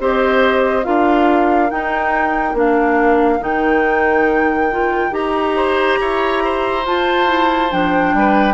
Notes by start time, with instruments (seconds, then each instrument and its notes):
0.00 bassoon C4, clarinet G4, oboe C5, flute D#5
0.84 bassoon D4, clarinet F4, oboe A#4, flute F5
1.70 clarinet D#4, bassoon D#4, flute G5
2.54 bassoon A#3, clarinet D4, flute F5
3.40 bassoon D#3, clarinet D#4, flute G5
4.71 clarinet F4
5.11 bassoon D#4, clarinet G4, flute A#5
5.56 oboe C5
6.01 bassoon E4, oboe C#5
6.45 oboe C5
6.86 bassoon F4, clarinet F4, flute A5
7.27 clarinet E4
7.70 bassoon F3, clarinet D4, flute G5
8.14 bassoon G3, oboe B4